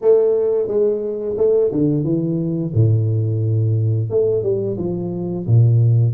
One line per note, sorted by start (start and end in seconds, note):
0.01 0.67 A3
0.67 1.35 G#3
1.37 1.71 A3
1.71 2.04 D3
2.04 2.72 E3
2.74 4.10 A2
4.10 4.42 A3
4.42 4.76 G3
4.77 5.45 F3
5.46 6.14 A#2